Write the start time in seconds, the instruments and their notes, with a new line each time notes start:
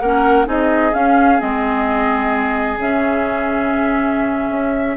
0.00 bassoon A#3, clarinet C#4, oboe A#4, flute F#5
0.46 bassoon C4, clarinet D#4, oboe G#4, flute D#5
0.93 clarinet C#4, bassoon C#4, flute F5
1.39 bassoon G#3, clarinet C4, flute D#5
2.78 bassoon C#3, clarinet C#4, flute E5
4.50 bassoon C#4